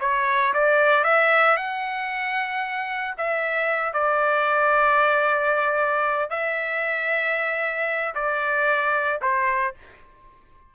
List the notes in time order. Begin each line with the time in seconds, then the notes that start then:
0.00 C#5
0.53 D5
1.04 E5
1.56 F#5
3.17 E5
3.93 D5
6.30 E5
8.14 D5
9.21 C5